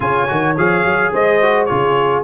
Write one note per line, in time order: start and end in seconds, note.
0.00 0.28 C#3
0.00 0.27 F4
0.00 1.12 C#5
0.00 0.56 G#5
0.27 0.57 D#3
0.27 0.56 F#4
0.57 0.83 F3
0.57 1.41 G#4
0.57 1.13 F5
0.83 1.12 F#3
1.12 1.70 G#3
1.12 1.69 C5
1.12 1.65 D#5
1.41 1.68 F#4
1.65 2.24 C#3
1.65 2.24 F4
1.65 2.24 G#4
1.65 2.22 C#5